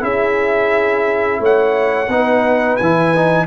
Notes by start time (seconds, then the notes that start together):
0.00 C#4 E4 G#4 E5
1.40 A3 C#5 F#5
2.08 B3 D#4
2.14 B4
2.76 E3 G#5
2.83 E4
3.15 D#4